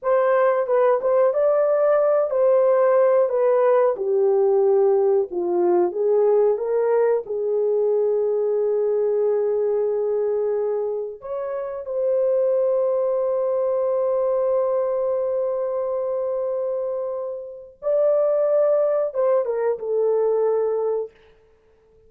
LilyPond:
\new Staff \with { instrumentName = "horn" } { \time 4/4 \tempo 4 = 91 c''4 b'8 c''8 d''4. c''8~ | c''4 b'4 g'2 | f'4 gis'4 ais'4 gis'4~ | gis'1~ |
gis'4 cis''4 c''2~ | c''1~ | c''2. d''4~ | d''4 c''8 ais'8 a'2 | }